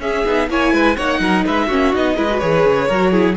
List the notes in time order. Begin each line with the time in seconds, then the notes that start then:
0.00 C#4 G#4 E5
0.26 B3 D#4
0.49 A#3 E4 C#5 G#5
0.73 G#3 B4
0.97 A#3 D#4 C#5 F#5
1.20 F#3 A#4
1.46 G#3 B4 E5
1.68 A#3 C#4 F#4
1.93 B3 D#4 D#5
2.17 G#3 E4 B4
2.31 F#4
2.40 E3 G#4 C#5
2.66 C#3
2.89 F#3 F#4 A#4
3.12 E4 G#4